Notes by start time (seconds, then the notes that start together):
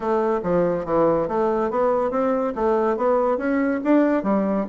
0.00 A3
0.43 F3
0.85 E3
1.28 A3
1.70 B3
2.11 C4
2.55 A3
2.96 B3
3.37 C#4
3.84 D4
4.23 G3